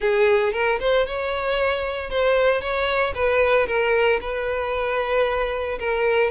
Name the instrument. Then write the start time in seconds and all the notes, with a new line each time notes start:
violin
0.00 G#4
0.53 A#4
0.80 C5
1.06 C#5
2.10 C5
2.61 C#5
3.14 B4
3.67 A#4
4.20 B4
5.79 A#4